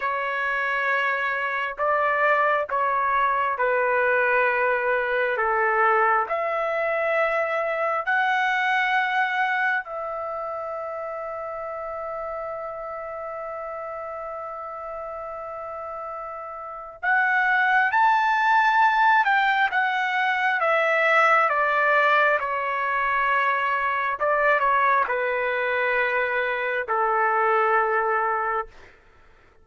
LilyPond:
\new Staff \with { instrumentName = "trumpet" } { \time 4/4 \tempo 4 = 67 cis''2 d''4 cis''4 | b'2 a'4 e''4~ | e''4 fis''2 e''4~ | e''1~ |
e''2. fis''4 | a''4. g''8 fis''4 e''4 | d''4 cis''2 d''8 cis''8 | b'2 a'2 | }